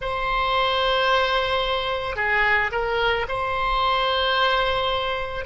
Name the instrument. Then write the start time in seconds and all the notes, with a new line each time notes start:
oboe
0.01 C5
2.16 G#4
2.71 A#4
3.28 C5